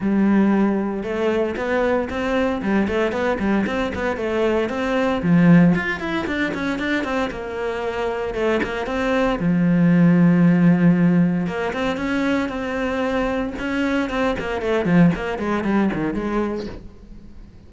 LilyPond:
\new Staff \with { instrumentName = "cello" } { \time 4/4 \tempo 4 = 115 g2 a4 b4 | c'4 g8 a8 b8 g8 c'8 b8 | a4 c'4 f4 f'8 e'8 | d'8 cis'8 d'8 c'8 ais2 |
a8 ais8 c'4 f2~ | f2 ais8 c'8 cis'4 | c'2 cis'4 c'8 ais8 | a8 f8 ais8 gis8 g8 dis8 gis4 | }